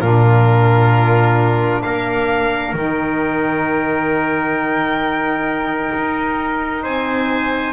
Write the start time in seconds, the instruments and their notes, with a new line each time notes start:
0.00 double bass A#2, saxophone D4, trumpet F4, violin A#4
1.82 double bass A#3, trumpet A#4, violin F5
2.73 double bass D#3, saxophone D#4, violin G5
5.94 double bass D#4
6.83 double bass C4, trumpet C5, violin G#5